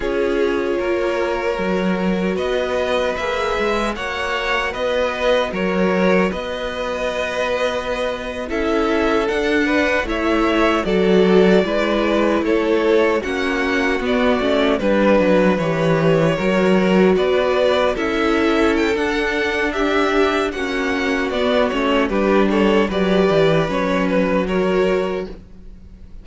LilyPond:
<<
  \new Staff \with { instrumentName = "violin" } { \time 4/4 \tempo 4 = 76 cis''2. dis''4 | e''4 fis''4 dis''4 cis''4 | dis''2~ dis''8. e''4 fis''16~ | fis''8. e''4 d''2 cis''16~ |
cis''8. fis''4 d''4 b'4 cis''16~ | cis''4.~ cis''16 d''4 e''4 g''16 | fis''4 e''4 fis''4 d''8 cis''8 | b'8 cis''8 d''4 cis''8 b'8 cis''4 | }
  \new Staff \with { instrumentName = "violin" } { \time 4/4 gis'4 ais'2 b'4~ | b'4 cis''4 b'4 ais'4 | b'2~ b'8. a'4~ a'16~ | a'16 b'8 cis''4 a'4 b'4 a'16~ |
a'8. fis'2 b'4~ b'16~ | b'8. ais'4 b'4 a'4~ a'16~ | a'4 g'4 fis'2 | g'8 a'8 b'2 ais'4 | }
  \new Staff \with { instrumentName = "viola" } { \time 4/4 f'2 fis'2 | gis'4 fis'2.~ | fis'2~ fis'8. e'4 d'16~ | d'8. e'4 fis'4 e'4~ e'16~ |
e'8. cis'4 b8 cis'8 d'4 g'16~ | g'8. fis'2 e'4~ e'16 | d'2 cis'4 b8 cis'8 | d'4 g'4 cis'4 fis'4 | }
  \new Staff \with { instrumentName = "cello" } { \time 4/4 cis'4 ais4 fis4 b4 | ais8 gis8 ais4 b4 fis4 | b2~ b8. cis'4 d'16~ | d'8. a4 fis4 gis4 a16~ |
a8. ais4 b8 a8 g8 fis8 e16~ | e8. fis4 b4 cis'4~ cis'16 | d'2 ais4 b8 a8 | g4 fis8 e8 fis2 | }
>>